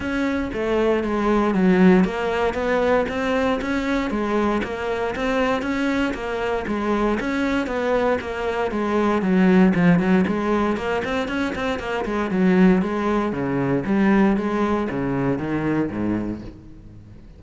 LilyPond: \new Staff \with { instrumentName = "cello" } { \time 4/4 \tempo 4 = 117 cis'4 a4 gis4 fis4 | ais4 b4 c'4 cis'4 | gis4 ais4 c'4 cis'4 | ais4 gis4 cis'4 b4 |
ais4 gis4 fis4 f8 fis8 | gis4 ais8 c'8 cis'8 c'8 ais8 gis8 | fis4 gis4 cis4 g4 | gis4 cis4 dis4 gis,4 | }